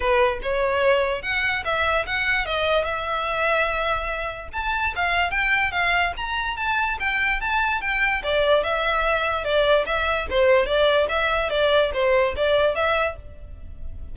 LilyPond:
\new Staff \with { instrumentName = "violin" } { \time 4/4 \tempo 4 = 146 b'4 cis''2 fis''4 | e''4 fis''4 dis''4 e''4~ | e''2. a''4 | f''4 g''4 f''4 ais''4 |
a''4 g''4 a''4 g''4 | d''4 e''2 d''4 | e''4 c''4 d''4 e''4 | d''4 c''4 d''4 e''4 | }